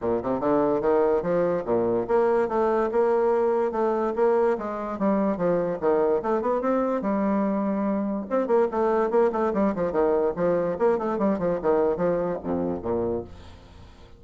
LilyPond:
\new Staff \with { instrumentName = "bassoon" } { \time 4/4 \tempo 4 = 145 ais,8 c8 d4 dis4 f4 | ais,4 ais4 a4 ais4~ | ais4 a4 ais4 gis4 | g4 f4 dis4 a8 b8 |
c'4 g2. | c'8 ais8 a4 ais8 a8 g8 f8 | dis4 f4 ais8 a8 g8 f8 | dis4 f4 f,4 ais,4 | }